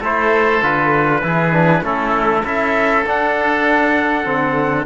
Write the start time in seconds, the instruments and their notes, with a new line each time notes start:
0.00 cello A3, trombone E4, oboe A4, trumpet C5
0.62 cello D3, trombone F4, trumpet B4
1.23 cello E3, trombone E4, oboe G#4
1.53 trombone D4
1.82 cello A3, trombone C#4, oboe E4, trumpet A4
2.44 cello C#4, trombone E4, oboe A4, trumpet E5
3.06 trombone D4, cello D4, trumpet F#5
4.25 cello D3, trombone C4